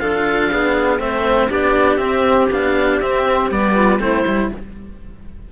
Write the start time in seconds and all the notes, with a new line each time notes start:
0.00 D4 F4 A4 F5
0.51 B3 G#4
0.99 A3 C4 C5 E5
1.49 B3 D4 G4 D5
1.97 C4 E5
2.50 B3 D4 F5
3.00 C4 E5
3.51 G3 B3 D5
3.75 F4
3.99 A3 C4 E4 C5
4.27 G3 E4